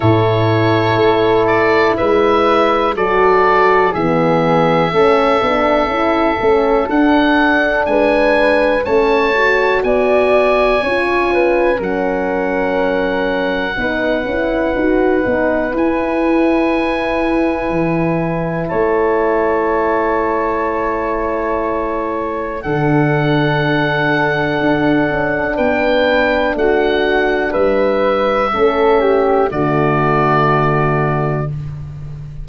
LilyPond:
<<
  \new Staff \with { instrumentName = "oboe" } { \time 4/4 \tempo 4 = 61 cis''4. d''8 e''4 d''4 | e''2. fis''4 | gis''4 a''4 gis''2 | fis''1 |
gis''2. a''4~ | a''2. fis''4~ | fis''2 g''4 fis''4 | e''2 d''2 | }
  \new Staff \with { instrumentName = "flute" } { \time 4/4 a'2 b'4 a'4 | gis'4 a'2. | b'4 cis''4 d''4 cis''8 b'8 | ais'2 b'2~ |
b'2. cis''4~ | cis''2. a'4~ | a'2 b'4 fis'4 | b'4 a'8 g'8 fis'2 | }
  \new Staff \with { instrumentName = "horn" } { \time 4/4 e'2. fis'4 | b4 cis'8 d'8 e'8 cis'8 d'4~ | d'4 cis'8 fis'4. f'4 | cis'2 dis'8 e'8 fis'8 dis'8 |
e'1~ | e'2. d'4~ | d'1~ | d'4 cis'4 a2 | }
  \new Staff \with { instrumentName = "tuba" } { \time 4/4 a,4 a4 gis4 fis4 | e4 a8 b8 cis'8 a8 d'4 | gis4 a4 b4 cis'4 | fis2 b8 cis'8 dis'8 b8 |
e'2 e4 a4~ | a2. d4~ | d4 d'8 cis'8 b4 a4 | g4 a4 d2 | }
>>